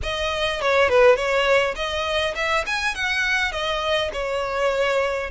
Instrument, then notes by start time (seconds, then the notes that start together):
violin
0.02 D#5
0.61 C#5
0.89 B4
1.16 C#5
1.75 D#5
2.35 E5
2.66 G#5
2.94 F#5
3.51 D#5
4.13 C#5